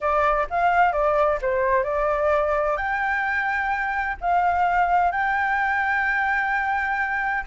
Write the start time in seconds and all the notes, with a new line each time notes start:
0.00 D5
0.49 F5
0.92 D5
1.41 C5
1.83 D5
2.77 G5
4.21 F5
5.11 G5